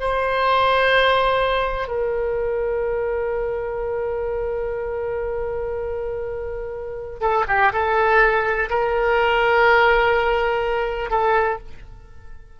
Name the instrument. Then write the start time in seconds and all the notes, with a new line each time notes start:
oboe
0.00 C5
1.88 A#4
7.21 A4
7.48 G4
7.72 A4
8.70 A#4
11.10 A4